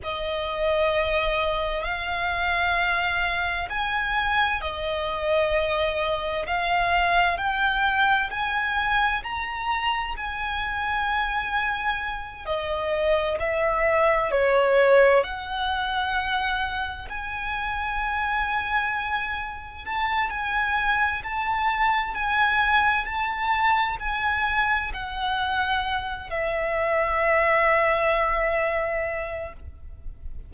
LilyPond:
\new Staff \with { instrumentName = "violin" } { \time 4/4 \tempo 4 = 65 dis''2 f''2 | gis''4 dis''2 f''4 | g''4 gis''4 ais''4 gis''4~ | gis''4. dis''4 e''4 cis''8~ |
cis''8 fis''2 gis''4.~ | gis''4. a''8 gis''4 a''4 | gis''4 a''4 gis''4 fis''4~ | fis''8 e''2.~ e''8 | }